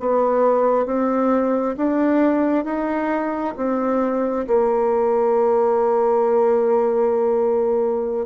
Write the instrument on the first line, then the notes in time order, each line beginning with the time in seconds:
bassoon
0.00 B3
0.86 C4
1.77 D4
2.65 D#4
3.57 C4
4.47 A#3